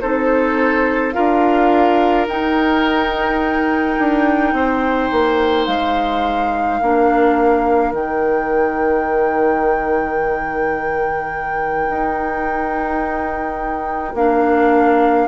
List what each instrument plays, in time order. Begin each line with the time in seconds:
0.00 bassoon C4, clarinet D#4, oboe A4, flute C5
1.12 bassoon D4, clarinet F4, oboe A#4, flute F5
2.27 bassoon D#4, clarinet D#4, flute G5
3.98 bassoon D4
4.53 bassoon C4, oboe C5
5.11 bassoon A#3
5.66 bassoon G#3, flute F5
6.80 bassoon A#3, clarinet D4, oboe A#4
7.92 bassoon D#3, clarinet D#4, flute G5
11.89 bassoon D#4
14.13 bassoon A#3, clarinet D4, flute F5